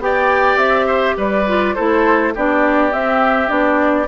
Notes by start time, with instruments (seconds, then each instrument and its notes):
0.00 bassoon B3, clarinet G4, oboe D5, flute G5
0.57 bassoon C4, flute E5
0.87 oboe C5
1.17 bassoon G3, oboe B4, flute D5
1.47 clarinet F4
1.75 bassoon A3, clarinet E4, oboe A4, flute C5
2.35 bassoon B3, clarinet D4, oboe G4, flute D5
2.92 clarinet C4, bassoon C4, flute E5
3.48 bassoon B3, clarinet D4, flute D5